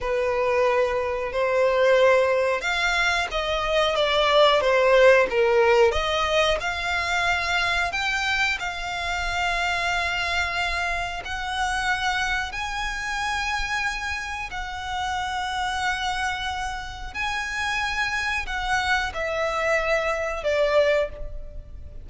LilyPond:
\new Staff \with { instrumentName = "violin" } { \time 4/4 \tempo 4 = 91 b'2 c''2 | f''4 dis''4 d''4 c''4 | ais'4 dis''4 f''2 | g''4 f''2.~ |
f''4 fis''2 gis''4~ | gis''2 fis''2~ | fis''2 gis''2 | fis''4 e''2 d''4 | }